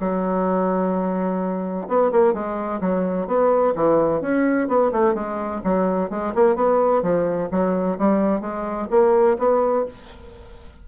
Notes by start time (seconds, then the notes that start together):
0.00 F#3
1.88 B3
2.12 A#3
2.33 G#3
2.81 F#3
3.27 B3
3.75 E3
4.21 C#4
4.68 B3
4.92 A3
5.14 G#3
5.64 F#3
6.10 G#3
6.35 A#3
6.55 B3
7.02 F3
7.51 F#3
7.98 G3
8.41 G#3
8.90 A#3
9.39 B3